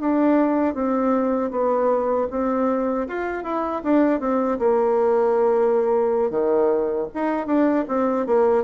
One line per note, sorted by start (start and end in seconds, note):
0.00 0.74 D4
0.74 1.51 C4
1.51 2.28 B3
2.30 3.07 C4
3.08 3.43 F4
3.43 3.82 E4
3.84 4.20 D4
4.20 4.58 C4
4.59 6.30 A#3
6.30 7.07 D#3
7.14 7.46 D#4
7.46 7.85 D4
7.88 8.26 C4
8.26 8.64 A#3